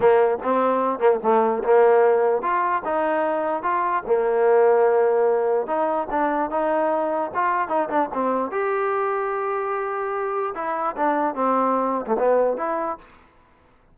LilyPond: \new Staff \with { instrumentName = "trombone" } { \time 4/4 \tempo 4 = 148 ais4 c'4. ais8 a4 | ais2 f'4 dis'4~ | dis'4 f'4 ais2~ | ais2 dis'4 d'4 |
dis'2 f'4 dis'8 d'8 | c'4 g'2.~ | g'2 e'4 d'4 | c'4.~ c'16 a16 b4 e'4 | }